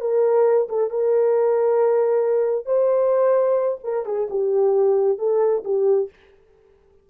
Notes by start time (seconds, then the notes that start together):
0.00 A#4
0.68 A4
0.90 A#4
2.66 C5
3.83 A#4
4.05 G#4
4.30 G4
5.18 A4
5.64 G4